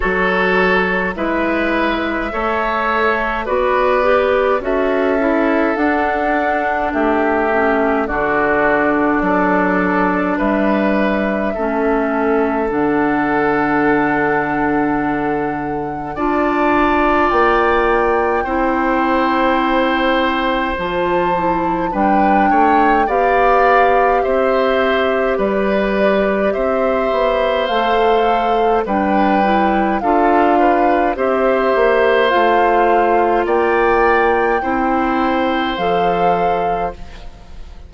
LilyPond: <<
  \new Staff \with { instrumentName = "flute" } { \time 4/4 \tempo 4 = 52 cis''4 e''2 d''4 | e''4 fis''4 e''4 d''4~ | d''4 e''2 fis''4~ | fis''2 a''4 g''4~ |
g''2 a''4 g''4 | f''4 e''4 d''4 e''4 | f''4 g''4 f''4 e''4 | f''4 g''2 f''4 | }
  \new Staff \with { instrumentName = "oboe" } { \time 4/4 a'4 b'4 cis''4 b'4 | a'2 g'4 fis'4 | a'4 b'4 a'2~ | a'2 d''2 |
c''2. b'8 cis''8 | d''4 c''4 b'4 c''4~ | c''4 b'4 a'8 b'8 c''4~ | c''4 d''4 c''2 | }
  \new Staff \with { instrumentName = "clarinet" } { \time 4/4 fis'4 e'4 a'4 fis'8 g'8 | fis'8 e'8 d'4. cis'8 d'4~ | d'2 cis'4 d'4~ | d'2 f'2 |
e'2 f'8 e'8 d'4 | g'1 | a'4 d'8 e'8 f'4 g'4 | f'2 e'4 a'4 | }
  \new Staff \with { instrumentName = "bassoon" } { \time 4/4 fis4 gis4 a4 b4 | cis'4 d'4 a4 d4 | fis4 g4 a4 d4~ | d2 d'4 ais4 |
c'2 f4 g8 a8 | b4 c'4 g4 c'8 b8 | a4 g4 d'4 c'8 ais8 | a4 ais4 c'4 f4 | }
>>